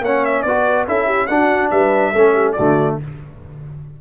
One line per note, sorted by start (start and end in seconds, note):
0.00 0.42 A#3
0.00 0.44 C#5
0.00 0.25 F#5
0.06 0.47 C#4
0.25 0.42 E5
0.42 0.87 B3
0.42 0.87 F#4
0.42 0.87 B4
0.42 0.84 D5
0.87 1.29 C#4
0.87 1.29 E4
0.87 1.05 A4
0.87 1.26 E5
1.05 1.26 G4
1.26 1.71 D4
1.26 2.14 D4
1.26 1.71 F#4
1.26 1.68 F#5
1.70 2.13 G3
1.70 2.12 B4
1.70 2.52 E5
2.12 2.57 A3
2.12 2.56 C#4
2.12 2.33 A4
2.33 2.54 G4
2.52 2.97 F#4
2.52 2.94 D5
2.58 3.00 D3
2.58 3.01 A3